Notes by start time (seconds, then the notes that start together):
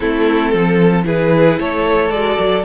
0.00 A3 C4 E4 A4
0.51 F3 A4
1.03 E3 E4 G#4 B4
1.59 A3 A4 C#5
2.10 G#3 F#4 D5
2.39 F#3